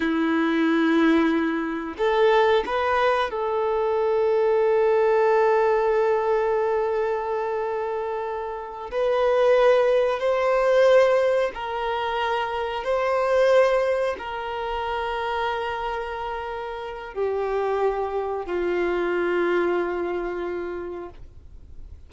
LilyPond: \new Staff \with { instrumentName = "violin" } { \time 4/4 \tempo 4 = 91 e'2. a'4 | b'4 a'2.~ | a'1~ | a'4. b'2 c''8~ |
c''4. ais'2 c''8~ | c''4. ais'2~ ais'8~ | ais'2 g'2 | f'1 | }